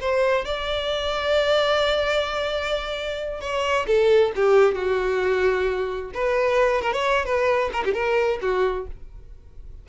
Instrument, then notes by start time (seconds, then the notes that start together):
violin
0.00 C5
0.45 D5
3.40 C#5
3.87 A4
4.36 G4
4.75 F#4
6.14 B4
6.81 A#4
6.93 C#5
7.25 B4
7.73 A#4
7.85 G4
7.94 A#4
8.41 F#4